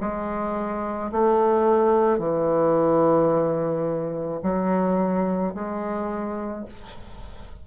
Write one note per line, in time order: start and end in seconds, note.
0.00 1.11 G#3
1.12 2.18 A3
2.18 4.40 E3
4.42 5.54 F#3
5.54 6.65 G#3